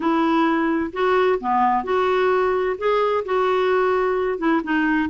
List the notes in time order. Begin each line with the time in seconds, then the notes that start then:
0.00 E4
0.92 F#4
1.40 B3
1.84 F#4
2.78 G#4
3.25 F#4
4.38 E4
4.63 D#4